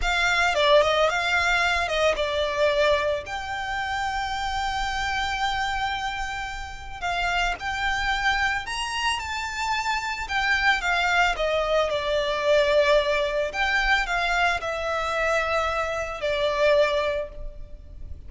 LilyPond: \new Staff \with { instrumentName = "violin" } { \time 4/4 \tempo 4 = 111 f''4 d''8 dis''8 f''4. dis''8 | d''2 g''2~ | g''1~ | g''4 f''4 g''2 |
ais''4 a''2 g''4 | f''4 dis''4 d''2~ | d''4 g''4 f''4 e''4~ | e''2 d''2 | }